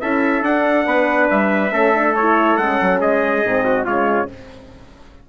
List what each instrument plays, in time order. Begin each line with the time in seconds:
0.00 bassoon C#4, horn E4, trumpet A4 E5
0.42 bassoon D4, horn D4, trumpet F#5
0.86 bassoon B3, trumpet B4
1.30 bassoon G3, trumpet E5
1.71 bassoon A3, horn C#4, trumpet A4
1.94 horn D4
2.15 horn E4, trumpet C#5
2.57 bassoon G#3, horn C#4, trumpet F#5
2.81 bassoon F#3
3.00 bassoon G#3, trumpet G#4 D#5
3.43 bassoon G#2, horn C4
3.65 trumpet F#4
3.85 bassoon C#3, horn G#3, trumpet F4 C#5